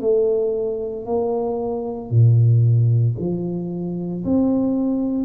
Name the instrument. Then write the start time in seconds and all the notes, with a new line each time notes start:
tuba
0.00 A3
1.06 A#3
2.10 A#2
3.19 F3
4.24 C4